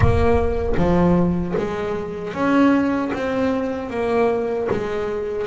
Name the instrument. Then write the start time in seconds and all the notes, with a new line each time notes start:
double bass
0.00 A#3
0.77 F3
1.57 G#3
2.33 C#4
3.13 C4
3.90 A#3
4.70 G#3